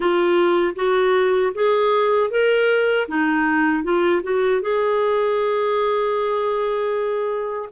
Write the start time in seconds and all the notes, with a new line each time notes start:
0.00 F4
0.75 F#4
1.54 G#4
2.30 A#4
3.08 D#4
3.83 F4
4.23 F#4
4.61 G#4